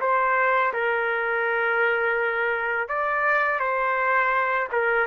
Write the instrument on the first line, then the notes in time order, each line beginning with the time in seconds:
trumpet
0.00 C5
0.73 A#4
2.88 D5
3.59 C5
4.72 A#4